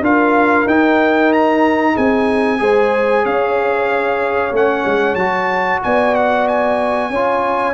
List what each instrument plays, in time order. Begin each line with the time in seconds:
0.00 tuba D4, trombone F4, horn A#4, trumpet F5
0.65 tuba D#4, trombone D#4, trumpet G5
1.32 trumpet A#5
1.93 tuba C4, horn G#4, trumpet G#5
2.58 tuba G#3, trombone G#4, horn C5
3.23 tuba C#4, horn C#5, trumpet F5
4.51 tuba A3, trombone C#4, trumpet F#5
4.85 tuba G#3
5.14 tuba F#3, trombone F#4, trumpet A5
5.82 tuba B3, horn D5, trumpet G#5
6.15 trumpet F#5
6.47 trumpet G#5
7.10 tuba C#4, trombone F4, horn C#5